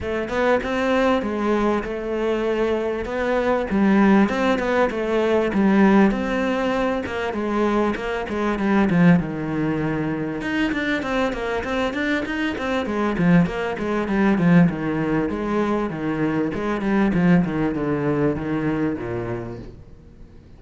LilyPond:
\new Staff \with { instrumentName = "cello" } { \time 4/4 \tempo 4 = 98 a8 b8 c'4 gis4 a4~ | a4 b4 g4 c'8 b8 | a4 g4 c'4. ais8 | gis4 ais8 gis8 g8 f8 dis4~ |
dis4 dis'8 d'8 c'8 ais8 c'8 d'8 | dis'8 c'8 gis8 f8 ais8 gis8 g8 f8 | dis4 gis4 dis4 gis8 g8 | f8 dis8 d4 dis4 ais,4 | }